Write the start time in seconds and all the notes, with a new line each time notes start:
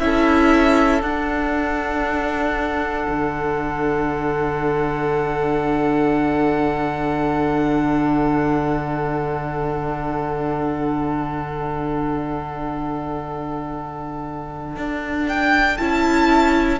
0.00 C#4 E4 A4 E5
1.02 D4 F#5
3.09 D3
14.77 D4
15.29 G5
15.78 C#4 E4 A5